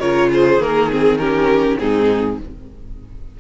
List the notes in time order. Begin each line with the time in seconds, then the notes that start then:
0.00 C#3 F4 A#4 C#5
0.32 G#4 C5
0.58 D#3 A#3 A#4
0.91 C4 G#4
1.19 C#4 G4 A#4
1.79 G#2 C4 D#4 G#4